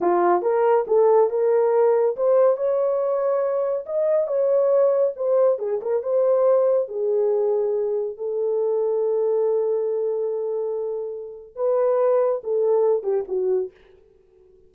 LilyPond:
\new Staff \with { instrumentName = "horn" } { \time 4/4 \tempo 4 = 140 f'4 ais'4 a'4 ais'4~ | ais'4 c''4 cis''2~ | cis''4 dis''4 cis''2 | c''4 gis'8 ais'8 c''2 |
gis'2. a'4~ | a'1~ | a'2. b'4~ | b'4 a'4. g'8 fis'4 | }